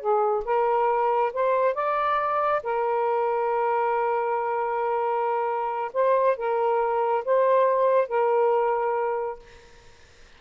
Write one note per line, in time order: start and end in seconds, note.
0.00 0.44 G#4
0.45 1.32 A#4
1.33 1.74 C5
1.74 2.62 D5
2.63 5.91 A#4
5.93 6.37 C5
6.37 7.24 A#4
7.25 8.08 C5
8.08 9.39 A#4